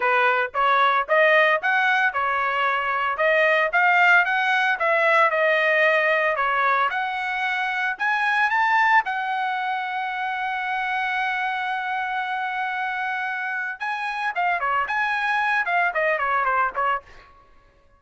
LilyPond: \new Staff \with { instrumentName = "trumpet" } { \time 4/4 \tempo 4 = 113 b'4 cis''4 dis''4 fis''4 | cis''2 dis''4 f''4 | fis''4 e''4 dis''2 | cis''4 fis''2 gis''4 |
a''4 fis''2.~ | fis''1~ | fis''2 gis''4 f''8 cis''8 | gis''4. f''8 dis''8 cis''8 c''8 cis''8 | }